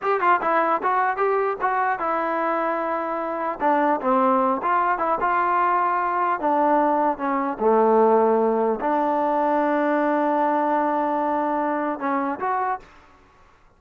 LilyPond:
\new Staff \with { instrumentName = "trombone" } { \time 4/4 \tempo 4 = 150 g'8 f'8 e'4 fis'4 g'4 | fis'4 e'2.~ | e'4 d'4 c'4. f'8~ | f'8 e'8 f'2. |
d'2 cis'4 a4~ | a2 d'2~ | d'1~ | d'2 cis'4 fis'4 | }